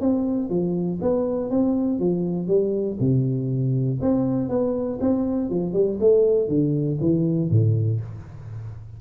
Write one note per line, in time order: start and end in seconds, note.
0.00 0.49 C4
0.49 0.99 F3
1.02 1.50 B3
1.50 1.99 C4
1.99 2.47 F3
2.47 2.97 G3
3.00 4.00 C3
4.02 4.49 C4
4.49 4.99 B3
5.00 5.50 C4
5.50 5.73 F3
5.73 5.98 G3
6.00 6.48 A3
6.48 6.98 D3
7.01 7.50 E3
7.50 8.00 A2